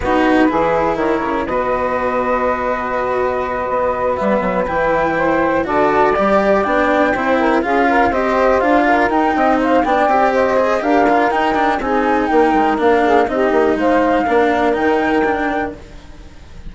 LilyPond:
<<
  \new Staff \with { instrumentName = "flute" } { \time 4/4 \tempo 4 = 122 b'2 cis''4 dis''4~ | dis''1~ | dis''8 e''4 g''2 a''8~ | a''8 d''4 g''2 f''8~ |
f''8 dis''4 f''4 g''4 f''8 | g''4 dis''4 f''4 g''4 | gis''4 g''4 f''4 dis''4 | f''2 g''2 | }
  \new Staff \with { instrumentName = "saxophone" } { \time 4/4 fis'4 gis'4 ais'4 b'4~ | b'1~ | b'2~ b'8 c''4 d''8~ | d''2~ d''8 c''8 ais'8 gis'8 |
ais'8 c''4. ais'4 dis''8 c''8 | d''4 c''4 ais'2 | gis'4 ais'4. gis'8 g'4 | c''4 ais'2. | }
  \new Staff \with { instrumentName = "cello" } { \time 4/4 dis'4 e'2 fis'4~ | fis'1~ | fis'8 b4 e'2 fis'8~ | fis'8 g'4 d'4 e'4 f'8~ |
f'8 g'4 f'4 dis'4. | d'8 g'4 gis'8 g'8 f'8 dis'8 d'8 | dis'2 d'4 dis'4~ | dis'4 d'4 dis'4 d'4 | }
  \new Staff \with { instrumentName = "bassoon" } { \time 4/4 b4 e4 dis8 cis8 b,4~ | b,2.~ b,8 b8~ | b8 g8 fis8 e2 d8~ | d8 g4 b4 c'4 cis'8~ |
cis'8 c'4 d'4 dis'8 c'4 | b8 c'4. d'4 dis'4 | c'4 ais8 gis8 ais4 c'8 ais8 | gis4 ais4 dis2 | }
>>